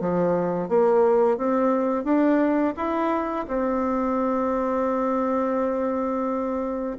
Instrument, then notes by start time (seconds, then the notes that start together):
bassoon
0.00 F3
0.68 A#3
1.37 C4
2.04 D4
2.77 E4
3.48 C4